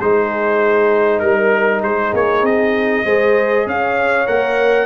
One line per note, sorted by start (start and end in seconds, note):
0.00 1.22 G#3
0.00 3.06 D#4
0.00 1.22 G#4
0.00 1.20 C5
1.20 1.83 G3
1.20 1.81 A#4
1.20 1.84 A#4
1.83 2.13 G#3
1.83 3.06 G#4
1.83 2.14 C5
2.13 2.43 A#3
2.13 2.46 C#5
2.43 3.04 C4
2.43 3.68 D#5
3.06 3.67 G#3
3.06 4.27 G#4
3.06 3.67 C5
3.67 4.28 C#4
3.67 4.86 C#5
3.67 4.27 F5
4.27 4.86 A#3
4.27 4.86 A#4
4.27 4.86 F#5